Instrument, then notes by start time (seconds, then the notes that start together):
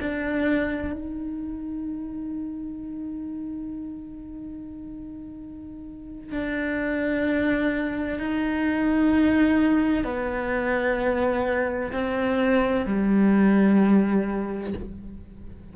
cello
0.00 D4
0.93 D#4
6.32 D4
8.19 D#4
10.04 B3
11.92 C4
12.86 G3